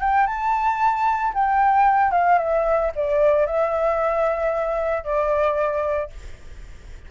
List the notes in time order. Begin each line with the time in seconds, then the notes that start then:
0.00 G5
0.27 A5
1.34 G5
2.12 F5
2.38 E5
2.95 D5
3.46 E5
5.04 D5